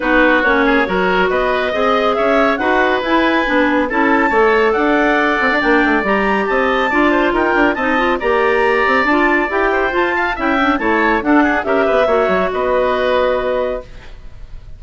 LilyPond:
<<
  \new Staff \with { instrumentName = "clarinet" } { \time 4/4 \tempo 4 = 139 b'4 cis''2 dis''4~ | dis''4 e''4 fis''4 gis''4~ | gis''4 a''2 fis''4~ | fis''4 g''4 ais''4 a''4~ |
a''4 g''4 a''4 ais''4~ | ais''4 a''4 g''4 a''4 | g''4 a''4 fis''4 e''4~ | e''4 dis''2. | }
  \new Staff \with { instrumentName = "oboe" } { \time 4/4 fis'4. gis'8 ais'4 b'4 | dis''4 cis''4 b'2~ | b'4 a'4 cis''4 d''4~ | d''2. dis''4 |
d''8 c''8 ais'4 dis''4 d''4~ | d''2~ d''8 c''4 f''8 | e''4 cis''4 a'8 gis'8 ais'8 b'8 | cis''4 b'2. | }
  \new Staff \with { instrumentName = "clarinet" } { \time 4/4 dis'4 cis'4 fis'2 | gis'2 fis'4 e'4 | d'4 e'4 a'2~ | a'4 d'4 g'2 |
f'2 dis'8 f'8 g'4~ | g'4 f'4 g'4 f'4 | e'8 d'8 e'4 d'4 g'4 | fis'1 | }
  \new Staff \with { instrumentName = "bassoon" } { \time 4/4 b4 ais4 fis4 b4 | c'4 cis'4 dis'4 e'4 | b4 cis'4 a4 d'4~ | d'8 c'16 d'16 ais8 a8 g4 c'4 |
d'4 dis'8 d'8 c'4 ais4~ | ais8 c'8 d'4 e'4 f'4 | cis'4 a4 d'4 cis'8 b8 | ais8 fis8 b2. | }
>>